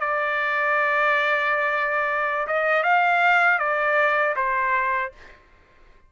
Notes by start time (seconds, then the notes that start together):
0.00 D5
2.47 D#5
2.83 F5
3.59 D5
4.36 C5